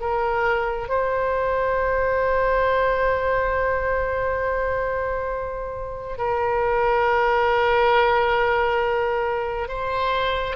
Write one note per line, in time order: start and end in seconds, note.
0.00 0.88 A#4
0.88 6.18 C5
6.18 9.68 A#4
9.68 10.56 C5